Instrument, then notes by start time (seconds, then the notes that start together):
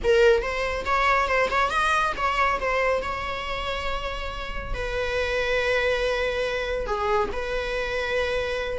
viola
0.03 A#4
0.41 C5
0.85 C#5
1.28 C5
1.50 C#5
1.70 D#5
2.16 C#5
2.60 C5
3.02 C#5
4.74 B4
6.86 G#4
7.32 B4